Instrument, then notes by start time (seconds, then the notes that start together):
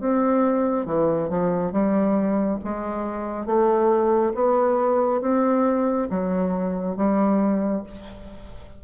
bassoon
0.00 C4
0.86 E3
1.29 F3
1.72 G3
2.64 G#3
3.46 A3
4.34 B3
5.21 C4
6.10 F#3
6.96 G3